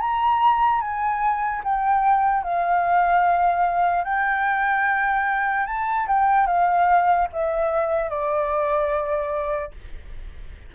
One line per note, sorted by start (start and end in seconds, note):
0.00 0.81 A#5
0.81 1.62 G#5
1.63 2.43 G5
2.43 4.04 F5
4.04 5.66 G5
5.66 6.07 A5
6.07 6.46 G5
6.46 7.28 F5
7.32 8.09 E5
8.09 9.71 D5